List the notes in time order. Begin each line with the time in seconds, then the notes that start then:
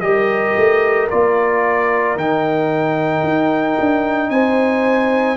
0.00 G3 G4 A#4 D#5
0.56 A3
1.10 A#3 F4 D5
2.15 D#3 D#4 G5
3.23 D#4
3.80 D4
4.29 C4 C5 G#5